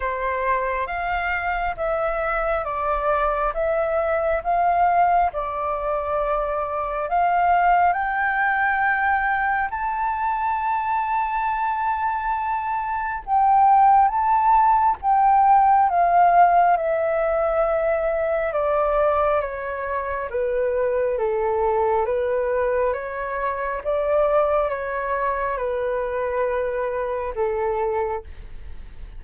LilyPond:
\new Staff \with { instrumentName = "flute" } { \time 4/4 \tempo 4 = 68 c''4 f''4 e''4 d''4 | e''4 f''4 d''2 | f''4 g''2 a''4~ | a''2. g''4 |
a''4 g''4 f''4 e''4~ | e''4 d''4 cis''4 b'4 | a'4 b'4 cis''4 d''4 | cis''4 b'2 a'4 | }